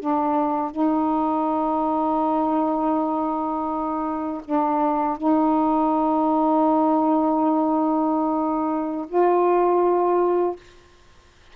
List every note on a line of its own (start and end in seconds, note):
0.00 0.71 D4
0.71 4.41 D#4
4.45 5.17 D4
5.17 9.06 D#4
9.08 10.56 F4